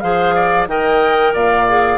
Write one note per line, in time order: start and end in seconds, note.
0.00 0.67 F3
0.00 0.67 G#4
0.00 0.35 C5
0.00 0.66 F5
0.35 0.68 D5
0.67 1.33 D#3
0.67 1.67 A#4
0.67 1.33 D#5
0.67 1.35 G5
1.33 1.98 A#2
1.33 1.98 D5
1.33 1.98 F5
1.67 1.98 G#4